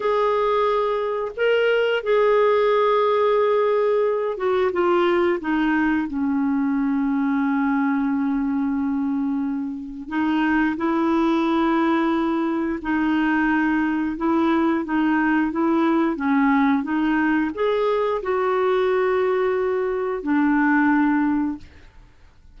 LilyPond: \new Staff \with { instrumentName = "clarinet" } { \time 4/4 \tempo 4 = 89 gis'2 ais'4 gis'4~ | gis'2~ gis'8 fis'8 f'4 | dis'4 cis'2.~ | cis'2. dis'4 |
e'2. dis'4~ | dis'4 e'4 dis'4 e'4 | cis'4 dis'4 gis'4 fis'4~ | fis'2 d'2 | }